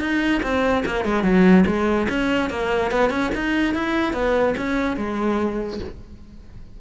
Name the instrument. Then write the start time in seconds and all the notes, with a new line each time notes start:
cello
0.00 D#4
0.42 C4
0.85 A#3
1.04 G#3
1.23 F#3
1.66 G#3
2.09 C#4
2.50 A#3
2.91 B3
3.10 C#4
3.35 D#4
3.74 E4
4.13 B3
4.57 C#4
4.96 G#3